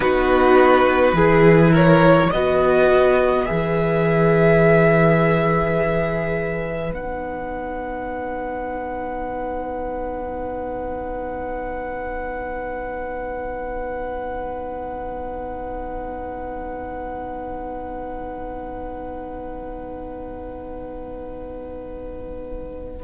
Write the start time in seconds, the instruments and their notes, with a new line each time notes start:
0.00 cello B3, viola D#4, violin F#4 B4
1.12 cello E3, viola E4, violin G#4
1.71 violin A#4 C#5
2.30 cello B3, viola F#4, violin B4 D#5
3.45 cello E3, viola G#4, violin E5
6.91 cello B3, viola D#4, violin F#5